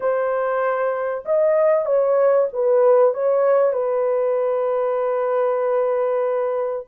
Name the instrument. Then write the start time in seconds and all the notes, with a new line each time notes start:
horn
0.00 C5
1.25 D#5
1.85 C#5
2.53 B4
3.13 C#5
3.72 B4